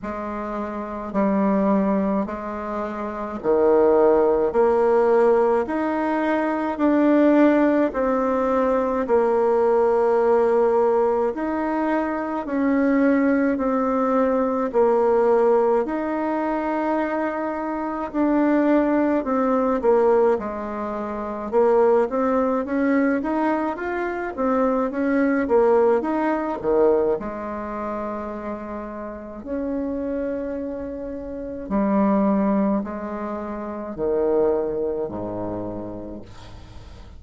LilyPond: \new Staff \with { instrumentName = "bassoon" } { \time 4/4 \tempo 4 = 53 gis4 g4 gis4 dis4 | ais4 dis'4 d'4 c'4 | ais2 dis'4 cis'4 | c'4 ais4 dis'2 |
d'4 c'8 ais8 gis4 ais8 c'8 | cis'8 dis'8 f'8 c'8 cis'8 ais8 dis'8 dis8 | gis2 cis'2 | g4 gis4 dis4 gis,4 | }